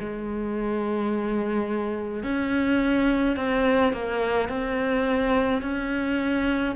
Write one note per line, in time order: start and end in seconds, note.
0.00 2.23 G#3
2.23 3.36 C#4
3.37 3.93 C4
3.93 4.49 A#3
4.49 5.62 C4
5.62 6.75 C#4